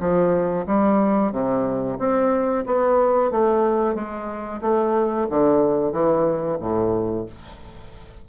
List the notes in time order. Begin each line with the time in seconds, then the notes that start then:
0.00 F3
0.67 G3
1.32 C3
1.99 C4
2.66 B3
3.31 A3
3.95 G#3
4.61 A3
5.30 D3
5.93 E3
6.60 A2